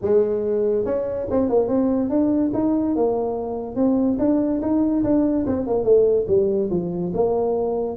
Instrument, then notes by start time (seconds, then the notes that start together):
tuba
0.01 G#3
0.85 C#4
1.30 C4
1.49 A#3
1.67 C4
2.09 D4
2.53 D#4
2.95 A#3
3.75 C4
4.18 D4
4.61 D#4
5.03 D4
5.46 C4
5.66 A#3
5.83 A3
6.27 G3
6.70 F3
7.14 A#3